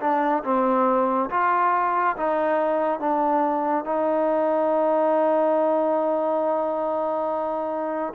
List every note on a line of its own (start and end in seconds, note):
0.00 0.43 D4
0.44 1.29 C4
1.30 2.15 F4
2.17 3.00 D#4
3.00 3.85 D4
3.85 8.13 D#4